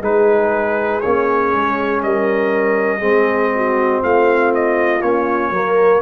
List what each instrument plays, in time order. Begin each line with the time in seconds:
0.00 tuba G#3, trombone D#4, horn G#4, trumpet B4
1.01 tuba A#3, trombone C#4, trumpet C#5
1.53 tuba G#3
2.03 tuba G3, horn A#4, trumpet D#5
2.99 tuba G#3, trombone C4, horn G#4
3.55 horn F#4
4.02 tuba A3, horn F4, trumpet F5
4.54 trumpet D#5
5.02 tuba A#3, trombone C#4, trumpet C#5
5.51 tuba F#3, trombone A#3, horn A#4